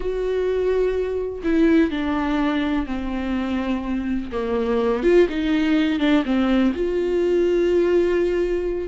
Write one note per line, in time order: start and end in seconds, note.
0.00 1.42 F#4
1.43 1.90 E4
1.90 2.86 D4
2.86 4.30 C4
4.32 5.03 A#3
5.03 5.27 F4
5.29 5.99 D#4
5.99 6.23 D4
6.25 6.73 C4
6.74 8.88 F4